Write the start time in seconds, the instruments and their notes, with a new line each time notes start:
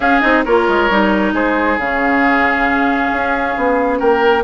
0.00 bassoon C#4, clarinet C#4, oboe G#4, flute F5
0.20 bassoon C4, clarinet D#4, flute D#5
0.44 bassoon A#3, clarinet F4, oboe A#4, flute C#5
0.67 bassoon G#3
0.90 bassoon G3, clarinet D#4
1.33 bassoon G#3, oboe G#4, flute C5
1.77 bassoon C#3, clarinet C#4, flute F5
3.12 bassoon C#4
3.56 bassoon B3
3.99 bassoon A#3, oboe A#4, flute G5